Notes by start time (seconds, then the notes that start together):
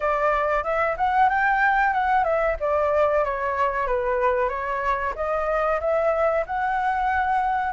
0.00 D5
0.63 E5
0.97 F#5
1.29 G5
1.93 F#5
2.24 E5
2.60 D5
3.24 C#5
3.86 B4
4.48 C#5
5.15 D#5
5.80 E5
6.46 F#5